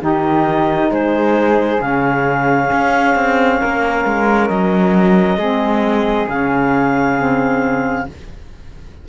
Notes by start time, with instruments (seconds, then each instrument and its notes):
0.00 cello D#3, saxophone D#4, flute G4, clarinet D#5
0.90 cello G#3, flute G#4, clarinet C5
1.79 cello C#3, saxophone C#4, clarinet F5
2.72 cello C#4
3.15 cello C4
3.60 cello A#3, flute A#4
4.04 cello G#3
4.48 cello F#3, clarinet D#5
5.37 cello G#3, saxophone C4, flute G#4
6.28 cello C#3, saxophone C#4, clarinet F5
7.18 saxophone C4